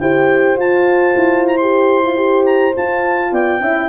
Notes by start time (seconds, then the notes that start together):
0.00 E4 G4 C5 G5
0.56 F4 A5
1.16 E4
1.47 A#5
1.57 G4 C6
2.04 F4
2.17 G4
2.46 A#5
2.76 F4 A5
3.32 B3 D5 G5
3.60 C#4 E4 E5